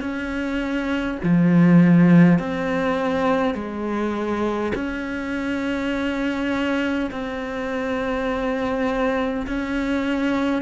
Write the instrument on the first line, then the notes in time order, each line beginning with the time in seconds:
cello
0.00 C#4
1.23 F3
2.39 C4
3.55 G#3
4.75 C#4
7.11 C4
9.47 C#4